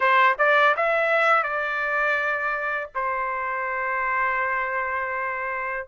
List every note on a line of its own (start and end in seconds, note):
0.00 0.36 C5
0.38 0.75 D5
0.76 1.43 E5
1.43 2.89 D5
2.94 5.87 C5